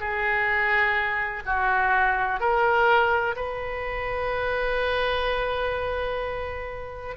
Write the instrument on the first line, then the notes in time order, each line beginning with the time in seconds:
oboe
0.00 G#4
1.45 F#4
2.40 A#4
3.36 B4